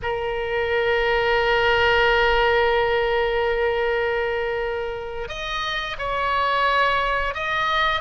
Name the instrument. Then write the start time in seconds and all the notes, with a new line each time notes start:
oboe
0.02 A#4
5.28 D#5
5.98 C#5
7.34 D#5